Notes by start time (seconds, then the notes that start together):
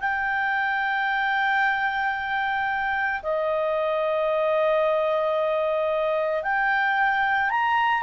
0.00 G5
3.22 D#5
6.43 G5
7.50 A#5